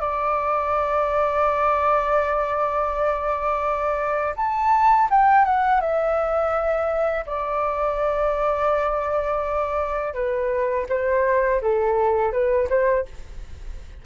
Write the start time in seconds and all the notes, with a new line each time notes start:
0.00 D5
4.36 A5
5.10 G5
5.45 F#5
5.80 E5
7.26 D5
10.14 B4
10.89 C5
11.61 A4
12.32 B4
12.69 C5